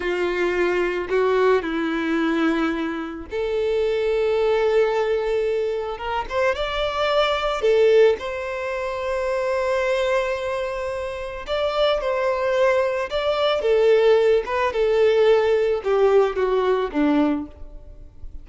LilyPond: \new Staff \with { instrumentName = "violin" } { \time 4/4 \tempo 4 = 110 f'2 fis'4 e'4~ | e'2 a'2~ | a'2. ais'8 c''8 | d''2 a'4 c''4~ |
c''1~ | c''4 d''4 c''2 | d''4 a'4. b'8 a'4~ | a'4 g'4 fis'4 d'4 | }